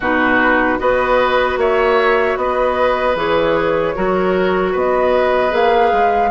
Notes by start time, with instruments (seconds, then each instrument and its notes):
0.00 bassoon B2, clarinet D#4, oboe F#4, flute B4
0.78 bassoon B3, clarinet F#4, oboe B4, flute D#5
1.56 bassoon A#3, oboe C#5, flute E5
2.36 bassoon B3, oboe B4, flute D#5
3.15 bassoon E3, clarinet G#4, flute C#5
3.94 bassoon F#3, clarinet F#4, oboe A#4
4.72 bassoon B3, oboe B4, flute D#5
5.49 bassoon A#3, clarinet G#4, flute F5
5.92 bassoon G#3